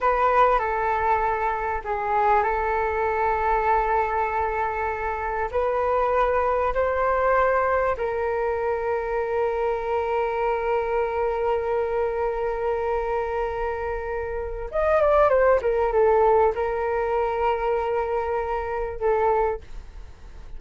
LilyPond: \new Staff \with { instrumentName = "flute" } { \time 4/4 \tempo 4 = 98 b'4 a'2 gis'4 | a'1~ | a'4 b'2 c''4~ | c''4 ais'2.~ |
ais'1~ | ais'1 | dis''8 d''8 c''8 ais'8 a'4 ais'4~ | ais'2. a'4 | }